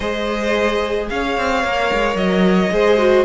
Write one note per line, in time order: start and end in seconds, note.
0.00 1.09 G#3
0.00 1.64 G#4
0.00 1.08 C5
0.00 1.09 D#5
1.09 1.37 C#4
1.09 2.72 C#5
1.09 2.17 F5
1.37 1.64 C4
1.64 1.91 A#3
1.64 2.70 A#4
1.93 2.15 G#3
2.15 2.70 F#3
2.15 3.25 D#5
2.70 3.25 G#3
2.70 2.97 G#4
2.70 3.25 C5
2.97 3.25 F#4